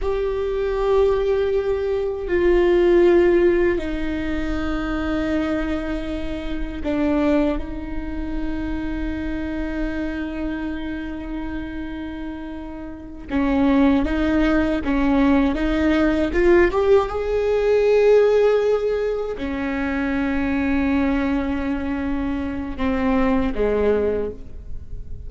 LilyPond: \new Staff \with { instrumentName = "viola" } { \time 4/4 \tempo 4 = 79 g'2. f'4~ | f'4 dis'2.~ | dis'4 d'4 dis'2~ | dis'1~ |
dis'4. cis'4 dis'4 cis'8~ | cis'8 dis'4 f'8 g'8 gis'4.~ | gis'4. cis'2~ cis'8~ | cis'2 c'4 gis4 | }